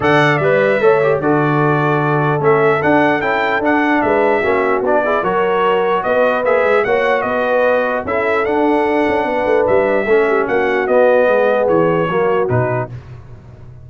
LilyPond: <<
  \new Staff \with { instrumentName = "trumpet" } { \time 4/4 \tempo 4 = 149 fis''4 e''2 d''4~ | d''2 e''4 fis''4 | g''4 fis''4 e''2 | d''4 cis''2 dis''4 |
e''4 fis''4 dis''2 | e''4 fis''2. | e''2 fis''4 dis''4~ | dis''4 cis''2 b'4 | }
  \new Staff \with { instrumentName = "horn" } { \time 4/4 d''2 cis''4 a'4~ | a'1~ | a'2 b'4 fis'4~ | fis'8 gis'8 ais'2 b'4~ |
b'4 cis''4 b'2 | a'2. b'4~ | b'4 a'8 g'8 fis'2 | gis'2 fis'2 | }
  \new Staff \with { instrumentName = "trombone" } { \time 4/4 a'4 b'4 a'8 g'8 fis'4~ | fis'2 cis'4 d'4 | e'4 d'2 cis'4 | d'8 e'8 fis'2. |
gis'4 fis'2. | e'4 d'2.~ | d'4 cis'2 b4~ | b2 ais4 dis'4 | }
  \new Staff \with { instrumentName = "tuba" } { \time 4/4 d4 g4 a4 d4~ | d2 a4 d'4 | cis'4 d'4 gis4 ais4 | b4 fis2 b4 |
ais8 gis8 ais4 b2 | cis'4 d'4. cis'8 b8 a8 | g4 a4 ais4 b4 | gis4 e4 fis4 b,4 | }
>>